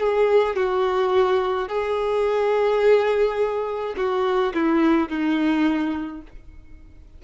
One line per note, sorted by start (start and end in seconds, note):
0.00 0.56 G#4
0.56 1.69 F#4
1.69 3.95 G#4
3.97 4.53 F#4
4.54 5.09 E4
5.09 6.22 D#4